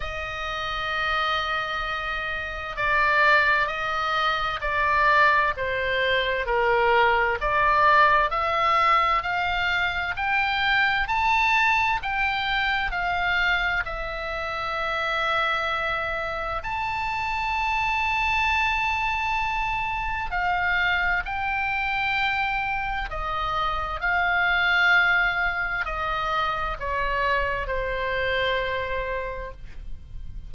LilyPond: \new Staff \with { instrumentName = "oboe" } { \time 4/4 \tempo 4 = 65 dis''2. d''4 | dis''4 d''4 c''4 ais'4 | d''4 e''4 f''4 g''4 | a''4 g''4 f''4 e''4~ |
e''2 a''2~ | a''2 f''4 g''4~ | g''4 dis''4 f''2 | dis''4 cis''4 c''2 | }